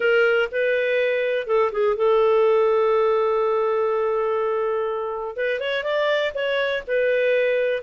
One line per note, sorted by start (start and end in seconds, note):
0.00 0.49 A#4
0.51 1.46 B4
1.46 1.71 A4
1.72 1.96 G#4
1.96 5.36 A4
5.36 5.60 B4
5.60 5.83 C#5
5.83 6.32 D5
6.34 6.83 C#5
6.87 7.82 B4